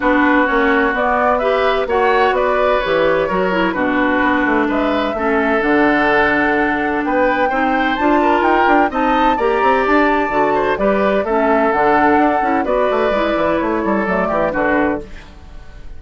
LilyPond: <<
  \new Staff \with { instrumentName = "flute" } { \time 4/4 \tempo 4 = 128 b'4 cis''4 d''4 e''4 | fis''4 d''4 cis''2 | b'2 e''2 | fis''2. g''4~ |
g''4 a''4 g''4 a''4 | ais''4 a''2 d''4 | e''4 fis''2 d''4~ | d''4 cis''4 d''4 b'4 | }
  \new Staff \with { instrumentName = "oboe" } { \time 4/4 fis'2. b'4 | cis''4 b'2 ais'4 | fis'2 b'4 a'4~ | a'2. b'4 |
c''4. ais'4. dis''4 | d''2~ d''8 c''8 b'4 | a'2. b'4~ | b'4. a'4 g'8 fis'4 | }
  \new Staff \with { instrumentName = "clarinet" } { \time 4/4 d'4 cis'4 b4 g'4 | fis'2 g'4 fis'8 e'8 | d'2. cis'4 | d'1 |
dis'4 f'2 dis'4 | g'2 fis'4 g'4 | cis'4 d'4. e'8 fis'4 | e'2 a4 d'4 | }
  \new Staff \with { instrumentName = "bassoon" } { \time 4/4 b4 ais4 b2 | ais4 b4 e4 fis4 | b,4 b8 a8 gis4 a4 | d2. b4 |
c'4 d'4 dis'8 d'8 c'4 | ais8 c'8 d'4 d4 g4 | a4 d4 d'8 cis'8 b8 a8 | gis8 e8 a8 g8 fis8 e8 d4 | }
>>